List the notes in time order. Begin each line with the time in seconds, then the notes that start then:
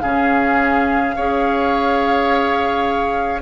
0.00 C#3 C#4 G#4 F5
1.16 C#4 G#4 C#5